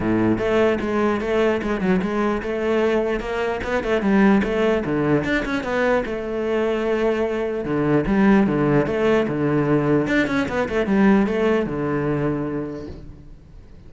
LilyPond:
\new Staff \with { instrumentName = "cello" } { \time 4/4 \tempo 4 = 149 a,4 a4 gis4 a4 | gis8 fis8 gis4 a2 | ais4 b8 a8 g4 a4 | d4 d'8 cis'8 b4 a4~ |
a2. d4 | g4 d4 a4 d4~ | d4 d'8 cis'8 b8 a8 g4 | a4 d2. | }